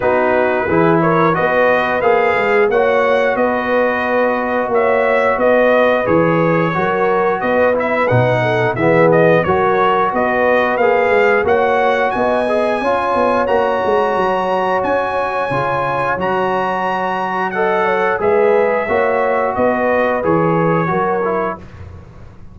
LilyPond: <<
  \new Staff \with { instrumentName = "trumpet" } { \time 4/4 \tempo 4 = 89 b'4. cis''8 dis''4 f''4 | fis''4 dis''2 e''4 | dis''4 cis''2 dis''8 e''8 | fis''4 e''8 dis''8 cis''4 dis''4 |
f''4 fis''4 gis''2 | ais''2 gis''2 | ais''2 fis''4 e''4~ | e''4 dis''4 cis''2 | }
  \new Staff \with { instrumentName = "horn" } { \time 4/4 fis'4 gis'8 ais'8 b'2 | cis''4 b'2 cis''4 | b'2 ais'4 b'4~ | b'8 a'8 gis'4 ais'4 b'4~ |
b'4 cis''4 dis''4 cis''4~ | cis''1~ | cis''2 dis''8 cis''8 b'4 | cis''4 b'2 ais'4 | }
  \new Staff \with { instrumentName = "trombone" } { \time 4/4 dis'4 e'4 fis'4 gis'4 | fis'1~ | fis'4 gis'4 fis'4. e'8 | dis'4 b4 fis'2 |
gis'4 fis'4. gis'8 f'4 | fis'2. f'4 | fis'2 a'4 gis'4 | fis'2 gis'4 fis'8 e'8 | }
  \new Staff \with { instrumentName = "tuba" } { \time 4/4 b4 e4 b4 ais8 gis8 | ais4 b2 ais4 | b4 e4 fis4 b4 | b,4 e4 fis4 b4 |
ais8 gis8 ais4 b4 cis'8 b8 | ais8 gis8 fis4 cis'4 cis4 | fis2. gis4 | ais4 b4 e4 fis4 | }
>>